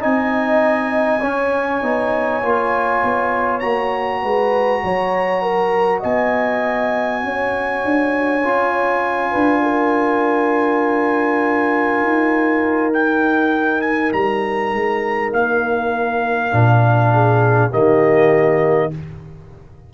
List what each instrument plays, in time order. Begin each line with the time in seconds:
0.00 tuba C4, trombone D#4, horn D#5, trumpet G#5
1.21 trombone C#4, tuba C#4, horn C#5
1.82 tuba B3, trombone D#4
2.42 tuba A#3, trombone F4
3.03 tuba B3
3.60 tuba A#3, trombone F#4, trumpet A#5
4.22 tuba G#3, horn B4
4.83 tuba F#3, horn C#5
5.42 horn A#4
6.00 tuba B3, horn D#5, trumpet G#5
7.23 tuba C#4, horn C#5
7.84 tuba D4
8.44 tuba C#4, trombone F4
9.31 tuba D4, horn B4
9.63 horn A#4
12.02 tuba D#4
12.93 trombone D#4, trumpet G5
13.81 trumpet G#5
14.12 tuba G3, trumpet A#5
14.73 tuba G#3
15.32 tuba A#3, trumpet F5
16.51 tuba A#2, trombone D4
17.13 horn G#4
17.70 tuba D#3, trombone A#3, horn G4, trumpet D#5